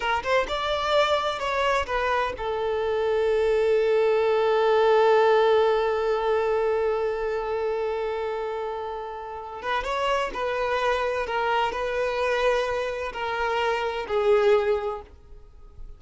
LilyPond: \new Staff \with { instrumentName = "violin" } { \time 4/4 \tempo 4 = 128 ais'8 c''8 d''2 cis''4 | b'4 a'2.~ | a'1~ | a'1~ |
a'1~ | a'8 b'8 cis''4 b'2 | ais'4 b'2. | ais'2 gis'2 | }